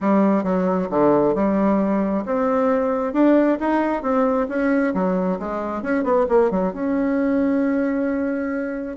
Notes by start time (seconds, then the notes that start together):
0.00 G3
0.43 F#3
0.90 D3
1.34 G3
2.25 C4
3.13 D4
3.59 D#4
4.02 C4
4.48 C#4
4.94 F#3
5.39 G#3
5.82 C#4
6.03 B3
6.28 A#3
6.50 F#3
6.73 C#4